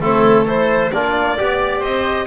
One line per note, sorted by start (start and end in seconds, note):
0.00 0.91 A3
0.00 0.47 C4
0.00 0.45 E4
0.00 0.47 A4
0.45 0.92 E4
0.45 0.90 A4
0.45 0.92 C5
0.92 1.38 A#3
0.92 1.38 D4
0.92 1.37 F4
0.92 1.82 D5
1.37 1.83 B3
1.37 2.27 G4
1.37 1.79 D5
1.79 2.27 C4
1.79 2.25 C5
1.79 2.27 D#5